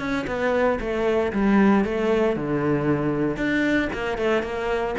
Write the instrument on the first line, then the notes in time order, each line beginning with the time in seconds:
cello
0.00 C#4
0.28 B3
0.81 A3
1.33 G3
1.85 A3
2.37 D3
3.37 D4
3.94 A#3
4.18 A3
4.43 A#3